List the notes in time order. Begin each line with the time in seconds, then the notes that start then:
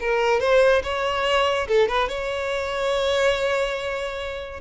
0.00 A#4
0.40 C5
0.83 C#5
1.67 A4
1.88 B4
2.08 C#5